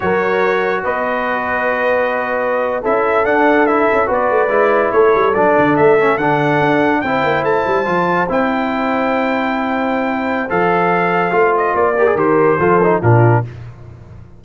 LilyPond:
<<
  \new Staff \with { instrumentName = "trumpet" } { \time 4/4 \tempo 4 = 143 cis''2 dis''2~ | dis''2~ dis''8. e''4 fis''16~ | fis''8. e''4 d''2 cis''16~ | cis''8. d''4 e''4 fis''4~ fis''16~ |
fis''8. g''4 a''2 g''16~ | g''1~ | g''4 f''2~ f''8 dis''8 | d''4 c''2 ais'4 | }
  \new Staff \with { instrumentName = "horn" } { \time 4/4 ais'2 b'2~ | b'2~ b'8. a'4~ a'16~ | a'4.~ a'16 b'2 a'16~ | a'1~ |
a'8. c''2.~ c''16~ | c''1~ | c''1~ | c''8 ais'4. a'4 f'4 | }
  \new Staff \with { instrumentName = "trombone" } { \time 4/4 fis'1~ | fis'2~ fis'8. e'4 d'16~ | d'8. e'4 fis'4 e'4~ e'16~ | e'8. d'4. cis'8 d'4~ d'16~ |
d'8. e'2 f'4 e'16~ | e'1~ | e'4 a'2 f'4~ | f'8 g'16 gis'16 g'4 f'8 dis'8 d'4 | }
  \new Staff \with { instrumentName = "tuba" } { \time 4/4 fis2 b2~ | b2~ b8. cis'4 d'16~ | d'4~ d'16 cis'8 b8 a8 gis4 a16~ | a16 g8 fis8 d8 a4 d4 d'16~ |
d'8. c'8 ais8 a8 g8 f4 c'16~ | c'1~ | c'4 f2 a4 | ais4 dis4 f4 ais,4 | }
>>